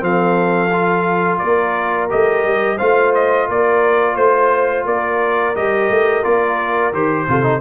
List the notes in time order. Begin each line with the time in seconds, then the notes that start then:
0.00 F3 C4 A4 F5
0.73 F4
1.39 A#3 A#4 D5
2.09 A3 G4 D#5
2.44 G3
2.78 A3 F4 C5 F5
3.15 D#5
3.49 A#3 A#4 D5
4.16 A3 C5
4.85 A#3 A#4 D5
5.55 G3 G4 D#5
5.90 A3
6.24 A#3 F4 D5
6.93 D#3 G4 C5
7.28 C3 F4 A4
7.43 D#4